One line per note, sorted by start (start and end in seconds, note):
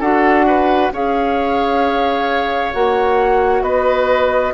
0.00 0.91 D4
0.00 0.92 F#4
0.00 0.45 A4
0.00 0.92 F#5
0.47 0.93 B4
0.92 2.74 C#4
0.92 2.73 G#4
0.92 3.63 C#5
0.92 2.74 F5
2.73 3.62 A#3
2.73 4.54 F#4
2.73 3.63 F#5
3.62 4.53 B3
3.62 4.54 B4
3.62 4.54 D#5